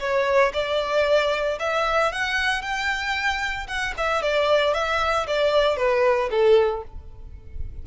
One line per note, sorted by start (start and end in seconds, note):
0.00 0.53 C#5
0.54 1.59 D5
1.60 2.12 E5
2.12 2.62 F#5
2.62 3.67 G5
3.68 3.94 F#5
3.98 4.22 E5
4.22 4.74 D5
4.74 5.27 E5
5.28 5.77 D5
5.77 6.30 B4
6.31 6.83 A4